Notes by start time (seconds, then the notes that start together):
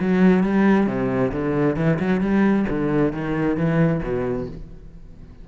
0.00 F#3
0.44 G3
0.87 C3
1.32 D3
1.77 E3
2.00 F#3
2.21 G3
2.69 D3
3.13 D#3
3.57 E3
4.03 B2